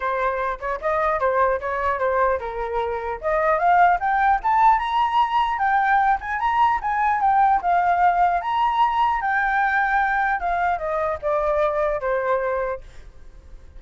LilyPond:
\new Staff \with { instrumentName = "flute" } { \time 4/4 \tempo 4 = 150 c''4. cis''8 dis''4 c''4 | cis''4 c''4 ais'2 | dis''4 f''4 g''4 a''4 | ais''2 g''4. gis''8 |
ais''4 gis''4 g''4 f''4~ | f''4 ais''2 g''4~ | g''2 f''4 dis''4 | d''2 c''2 | }